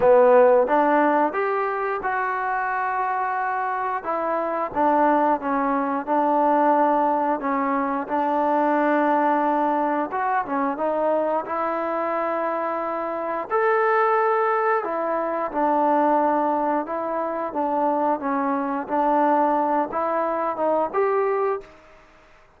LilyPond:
\new Staff \with { instrumentName = "trombone" } { \time 4/4 \tempo 4 = 89 b4 d'4 g'4 fis'4~ | fis'2 e'4 d'4 | cis'4 d'2 cis'4 | d'2. fis'8 cis'8 |
dis'4 e'2. | a'2 e'4 d'4~ | d'4 e'4 d'4 cis'4 | d'4. e'4 dis'8 g'4 | }